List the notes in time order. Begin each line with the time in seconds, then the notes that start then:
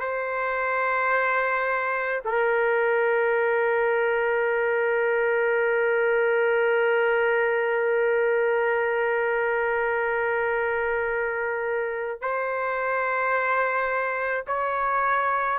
0.00 C5
2.25 A#4
12.21 C5
14.47 C#5